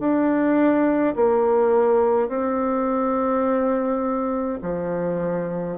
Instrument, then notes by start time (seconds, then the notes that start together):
bassoon
0.00 D4
1.16 A#3
2.29 C4
4.62 F3